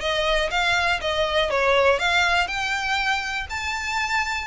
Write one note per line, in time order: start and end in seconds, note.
0.00 0.50 D#5
0.50 1.00 F5
1.01 1.50 D#5
1.50 1.99 C#5
1.99 2.47 F5
2.47 3.46 G5
3.50 4.47 A5